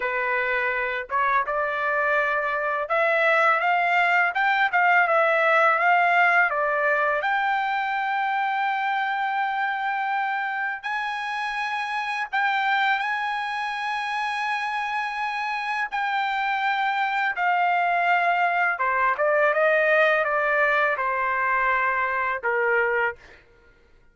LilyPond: \new Staff \with { instrumentName = "trumpet" } { \time 4/4 \tempo 4 = 83 b'4. cis''8 d''2 | e''4 f''4 g''8 f''8 e''4 | f''4 d''4 g''2~ | g''2. gis''4~ |
gis''4 g''4 gis''2~ | gis''2 g''2 | f''2 c''8 d''8 dis''4 | d''4 c''2 ais'4 | }